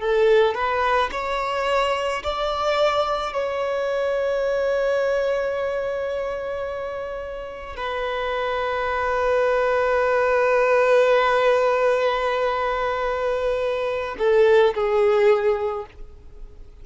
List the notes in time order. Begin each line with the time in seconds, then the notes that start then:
0.00 A4
0.54 B4
1.12 C#5
2.23 D5
3.33 C#5
7.76 B4
14.18 A4
14.74 G#4